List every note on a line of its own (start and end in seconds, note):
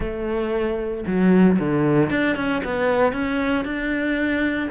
0.00 1.04 A3
1.06 1.58 F#3
1.59 2.10 D3
2.10 2.35 D4
2.35 2.62 C#4
2.64 3.12 B3
3.12 3.64 C#4
3.65 4.69 D4